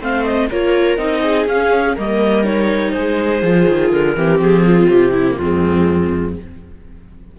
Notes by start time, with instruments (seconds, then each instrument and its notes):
0.00 cello A3, viola C4 C5, clarinet F5
0.24 clarinet D#5
0.49 cello A#3, viola F4 A#4, clarinet C#5
0.97 cello C4, viola D#4, clarinet D#5
1.22 viola G#4
1.46 cello C#4, viola C#4, clarinet F5
1.95 cello G3, viola A#3 A#4, clarinet D#5
2.44 viola D#4, clarinet C#5
2.91 cello G#3, viola G#4, clarinet C5
3.42 cello F3, viola F4
3.68 cello D#3
3.90 cello D3, clarinet A#4
4.16 cello E3, viola C4 G4
4.38 cello F3, clarinet G#4
4.65 viola F4
4.88 cello C3, clarinet G4
5.12 viola E4
5.29 viola A#3, clarinet F4
5.39 cello F2, viola G#3 C4